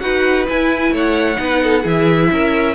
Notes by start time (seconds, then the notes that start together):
0.00 D#4 F#4 B4 F#5
0.47 E4 G#5
0.91 A3 C#5 F#5
1.36 B3 D#4
1.43 B4
1.63 A4
1.82 E3 E4 G#4 E5
2.32 C#4 A#4